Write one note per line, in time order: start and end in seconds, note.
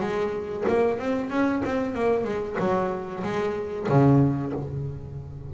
0.00 0.64 G#3
0.68 0.99 A#3
0.99 1.30 C4
1.30 1.62 C#4
1.65 1.94 C4
1.94 2.24 A#3
2.24 2.56 G#3
2.59 3.23 F#3
3.23 3.87 G#3
3.89 4.53 C#3